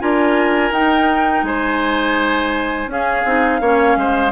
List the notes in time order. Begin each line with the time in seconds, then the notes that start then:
0.00 D4 F4 A#4 G#5
0.71 D#4 G5
1.43 G#3 C5 G#5
2.87 C#4 G#4 F5
3.25 C4 D#4
3.61 A#3 C#4 C#5
3.97 G#3 C5